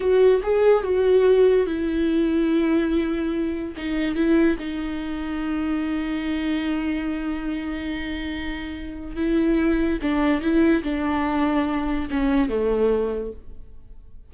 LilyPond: \new Staff \with { instrumentName = "viola" } { \time 4/4 \tempo 4 = 144 fis'4 gis'4 fis'2 | e'1~ | e'4 dis'4 e'4 dis'4~ | dis'1~ |
dis'1~ | dis'2 e'2 | d'4 e'4 d'2~ | d'4 cis'4 a2 | }